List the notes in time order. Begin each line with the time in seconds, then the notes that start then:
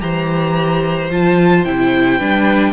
0.00 E3 G4 C5 A#5
1.10 F3 F4 A5
1.65 C3 E4 G5
2.18 G3 D4 B4